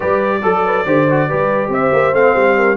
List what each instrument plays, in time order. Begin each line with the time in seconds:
0.00 tuba G3, trombone G4, horn B4, trumpet D5
0.42 tuba F#3, trombone A4, horn A4
0.65 horn B4
0.85 tuba D3, trombone G4, horn C5
1.10 trombone F#4
1.28 tuba G3, trombone G4, horn B4
1.68 tuba C4, horn C5, trumpet E5
1.93 tuba A#3
2.12 tuba A3, trombone C4, trumpet F5
2.35 tuba G3
2.56 horn A#4